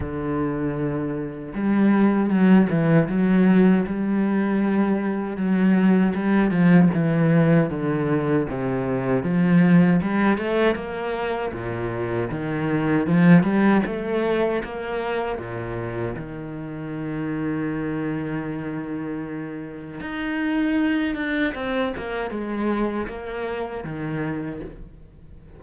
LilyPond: \new Staff \with { instrumentName = "cello" } { \time 4/4 \tempo 4 = 78 d2 g4 fis8 e8 | fis4 g2 fis4 | g8 f8 e4 d4 c4 | f4 g8 a8 ais4 ais,4 |
dis4 f8 g8 a4 ais4 | ais,4 dis2.~ | dis2 dis'4. d'8 | c'8 ais8 gis4 ais4 dis4 | }